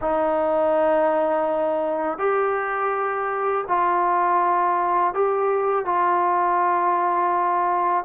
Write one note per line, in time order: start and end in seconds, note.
0.01 2.18 D#4
2.18 3.64 G4
3.68 5.14 F4
5.14 5.85 G4
5.85 8.04 F4